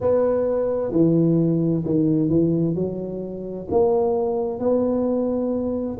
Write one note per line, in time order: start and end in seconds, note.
0.00 0.91 B3
0.91 1.84 E3
1.85 2.29 D#3
2.29 2.75 E3
2.75 3.67 F#3
3.70 4.59 A#3
4.59 5.97 B3